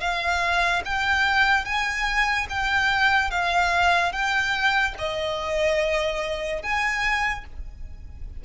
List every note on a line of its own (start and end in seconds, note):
0.00 0.82 F5
0.85 1.65 G5
1.65 2.47 G#5
2.49 3.31 G5
3.31 4.12 F5
4.12 4.95 G5
4.98 6.62 D#5
6.62 7.45 G#5